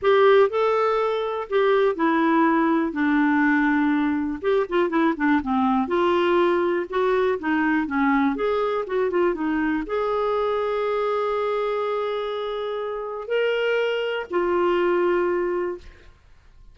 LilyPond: \new Staff \with { instrumentName = "clarinet" } { \time 4/4 \tempo 4 = 122 g'4 a'2 g'4 | e'2 d'2~ | d'4 g'8 f'8 e'8 d'8 c'4 | f'2 fis'4 dis'4 |
cis'4 gis'4 fis'8 f'8 dis'4 | gis'1~ | gis'2. ais'4~ | ais'4 f'2. | }